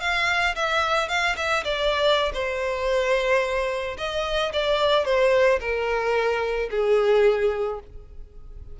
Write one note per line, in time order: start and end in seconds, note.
0.00 0.55 F5
0.55 1.08 E5
1.08 1.36 F5
1.36 1.64 E5
1.64 2.32 D5
2.33 3.97 C5
3.97 4.52 D#5
4.53 5.05 D5
5.05 5.59 C5
5.60 6.69 A#4
6.70 7.79 G#4